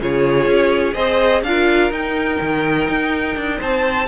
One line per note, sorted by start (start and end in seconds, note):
0.00 0.47 C#3
0.00 0.94 F4
0.00 0.94 G#4
0.00 0.94 C#5
0.47 0.95 C#4
0.94 1.43 C4
0.94 1.42 G#4
0.94 1.42 C5
0.94 1.42 D#5
1.43 1.91 D4
1.43 1.91 F4
1.43 3.59 A#4
1.43 1.92 F5
1.91 4.07 D#4
1.91 2.39 D#4
1.91 3.60 G5
2.41 2.88 D#3
2.88 3.36 D#4
3.36 3.60 D4
3.59 4.08 C4
3.59 4.07 C5
3.59 4.08 A5